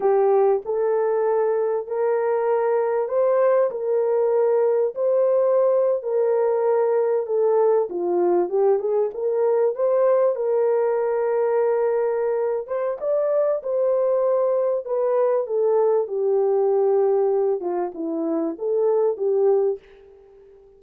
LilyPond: \new Staff \with { instrumentName = "horn" } { \time 4/4 \tempo 4 = 97 g'4 a'2 ais'4~ | ais'4 c''4 ais'2 | c''4.~ c''16 ais'2 a'16~ | a'8. f'4 g'8 gis'8 ais'4 c''16~ |
c''8. ais'2.~ ais'16~ | ais'8 c''8 d''4 c''2 | b'4 a'4 g'2~ | g'8 f'8 e'4 a'4 g'4 | }